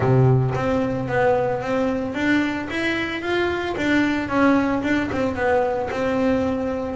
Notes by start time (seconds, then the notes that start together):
0.00 C3
0.55 C4
1.08 B3
1.61 C4
2.14 D4
2.69 E4
3.21 F4
3.77 D4
4.29 C#4
4.82 D4
5.11 C4
5.35 B3
5.91 C4